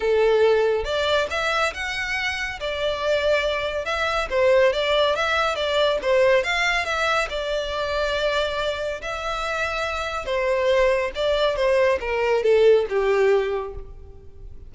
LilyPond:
\new Staff \with { instrumentName = "violin" } { \time 4/4 \tempo 4 = 140 a'2 d''4 e''4 | fis''2 d''2~ | d''4 e''4 c''4 d''4 | e''4 d''4 c''4 f''4 |
e''4 d''2.~ | d''4 e''2. | c''2 d''4 c''4 | ais'4 a'4 g'2 | }